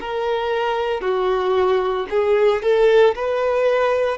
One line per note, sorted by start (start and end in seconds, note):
0.00 1.01 A#4
1.01 2.06 F#4
2.10 2.62 G#4
2.62 3.15 A4
3.15 4.17 B4